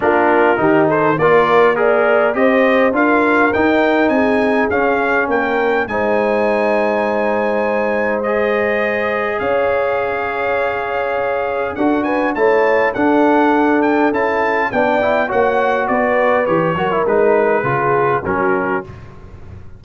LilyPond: <<
  \new Staff \with { instrumentName = "trumpet" } { \time 4/4 \tempo 4 = 102 ais'4. c''8 d''4 ais'4 | dis''4 f''4 g''4 gis''4 | f''4 g''4 gis''2~ | gis''2 dis''2 |
f''1 | fis''8 gis''8 a''4 fis''4. g''8 | a''4 g''4 fis''4 d''4 | cis''4 b'2 ais'4 | }
  \new Staff \with { instrumentName = "horn" } { \time 4/4 f'4 g'8 a'8 ais'4 d''4 | c''4 ais'2 gis'4~ | gis'4 ais'4 c''2~ | c''1 |
cis''1 | a'8 b'8 cis''4 a'2~ | a'4 d''4 cis''4 b'4~ | b'8 ais'4. gis'4 fis'4 | }
  \new Staff \with { instrumentName = "trombone" } { \time 4/4 d'4 dis'4 f'4 gis'4 | g'4 f'4 dis'2 | cis'2 dis'2~ | dis'2 gis'2~ |
gis'1 | fis'4 e'4 d'2 | e'4 d'8 e'8 fis'2 | g'8 fis'16 e'16 dis'4 f'4 cis'4 | }
  \new Staff \with { instrumentName = "tuba" } { \time 4/4 ais4 dis4 ais2 | c'4 d'4 dis'4 c'4 | cis'4 ais4 gis2~ | gis1 |
cis'1 | d'4 a4 d'2 | cis'4 b4 ais4 b4 | e8 fis8 gis4 cis4 fis4 | }
>>